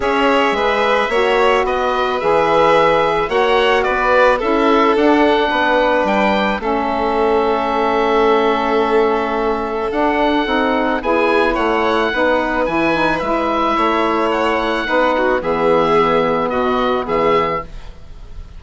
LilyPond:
<<
  \new Staff \with { instrumentName = "oboe" } { \time 4/4 \tempo 4 = 109 e''2. dis''4 | e''2 fis''4 d''4 | e''4 fis''2 g''4 | e''1~ |
e''2 fis''2 | gis''4 fis''2 gis''4 | e''2 fis''2 | e''2 dis''4 e''4 | }
  \new Staff \with { instrumentName = "violin" } { \time 4/4 cis''4 b'4 cis''4 b'4~ | b'2 cis''4 b'4 | a'2 b'2 | a'1~ |
a'1 | gis'4 cis''4 b'2~ | b'4 cis''2 b'8 fis'8 | gis'2 fis'4 gis'4 | }
  \new Staff \with { instrumentName = "saxophone" } { \time 4/4 gis'2 fis'2 | gis'2 fis'2 | e'4 d'2. | cis'1~ |
cis'2 d'4 dis'4 | e'2 dis'4 e'8 dis'8 | e'2. dis'4 | b1 | }
  \new Staff \with { instrumentName = "bassoon" } { \time 4/4 cis'4 gis4 ais4 b4 | e2 ais4 b4 | cis'4 d'4 b4 g4 | a1~ |
a2 d'4 c'4 | b4 a4 b4 e4 | gis4 a2 b4 | e2 b,4 e4 | }
>>